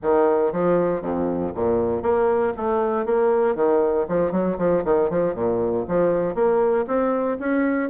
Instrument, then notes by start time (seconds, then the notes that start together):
bassoon
0.02 D#3
0.52 F3
1.01 F2
1.55 A#2
2.02 A#3
2.57 A3
3.05 A#3
3.55 D#3
4.08 F3
4.31 F#3
4.58 F3
4.84 D#3
5.10 F3
5.34 A#2
5.88 F3
6.34 A#3
6.87 C4
7.39 C#4